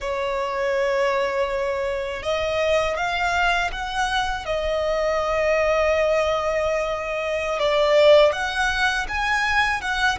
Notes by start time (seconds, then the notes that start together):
0.00 C#5
2.23 D#5
2.96 F5
3.71 F#5
4.45 D#5
7.59 D5
8.32 F#5
9.08 G#5
9.81 F#5